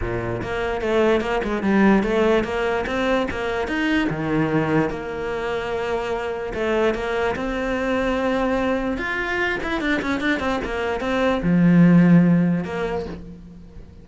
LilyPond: \new Staff \with { instrumentName = "cello" } { \time 4/4 \tempo 4 = 147 ais,4 ais4 a4 ais8 gis8 | g4 a4 ais4 c'4 | ais4 dis'4 dis2 | ais1 |
a4 ais4 c'2~ | c'2 f'4. e'8 | d'8 cis'8 d'8 c'8 ais4 c'4 | f2. ais4 | }